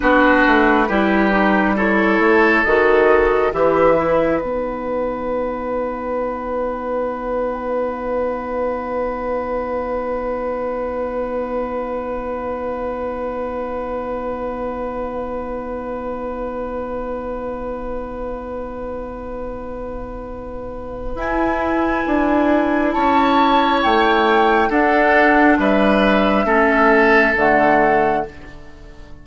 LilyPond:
<<
  \new Staff \with { instrumentName = "flute" } { \time 4/4 \tempo 4 = 68 b'2 cis''4 dis''4 | e''4 fis''2.~ | fis''1~ | fis''1~ |
fis''1~ | fis''1 | gis''2 a''4 g''4 | fis''4 e''2 fis''4 | }
  \new Staff \with { instrumentName = "oboe" } { \time 4/4 fis'4 g'4 a'2 | b'1~ | b'1~ | b'1~ |
b'1~ | b'1~ | b'2 cis''2 | a'4 b'4 a'2 | }
  \new Staff \with { instrumentName = "clarinet" } { \time 4/4 d'4 e'8 dis'8 e'4 fis'4 | g'8 e'8 dis'2.~ | dis'1~ | dis'1~ |
dis'1~ | dis'1 | e'1 | d'2 cis'4 a4 | }
  \new Staff \with { instrumentName = "bassoon" } { \time 4/4 b8 a8 g4. a8 dis4 | e4 b2.~ | b1~ | b1~ |
b1~ | b1 | e'4 d'4 cis'4 a4 | d'4 g4 a4 d4 | }
>>